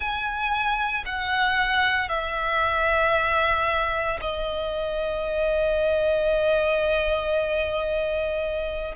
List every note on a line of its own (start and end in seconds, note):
0.00 1.04 G#5
1.05 2.09 F#5
2.09 4.19 E5
4.21 8.95 D#5